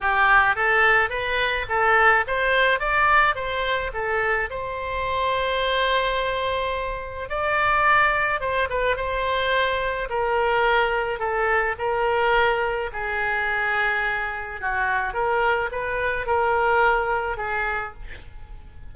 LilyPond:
\new Staff \with { instrumentName = "oboe" } { \time 4/4 \tempo 4 = 107 g'4 a'4 b'4 a'4 | c''4 d''4 c''4 a'4 | c''1~ | c''4 d''2 c''8 b'8 |
c''2 ais'2 | a'4 ais'2 gis'4~ | gis'2 fis'4 ais'4 | b'4 ais'2 gis'4 | }